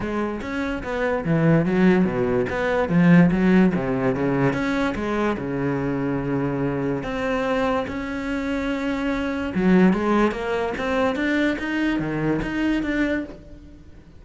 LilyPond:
\new Staff \with { instrumentName = "cello" } { \time 4/4 \tempo 4 = 145 gis4 cis'4 b4 e4 | fis4 b,4 b4 f4 | fis4 c4 cis4 cis'4 | gis4 cis2.~ |
cis4 c'2 cis'4~ | cis'2. fis4 | gis4 ais4 c'4 d'4 | dis'4 dis4 dis'4 d'4 | }